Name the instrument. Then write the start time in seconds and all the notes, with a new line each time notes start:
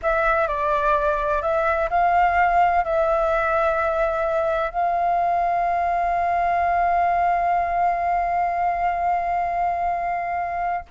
flute
0.02 E5
0.47 D5
1.42 E5
1.89 F5
2.84 E5
4.71 F5